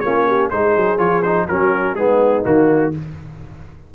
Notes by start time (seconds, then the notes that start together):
0.00 A#3 C#4 F4 C#5
0.27 G4
0.49 G#3 D#4 G#4 C5
0.76 F#3
0.98 F3 F4 C#5
1.22 D#4 C5
1.47 F#3 C#4 F#4 A#4
1.95 G#3 B3 D#4 G#4
2.43 D#3 A#3 F#4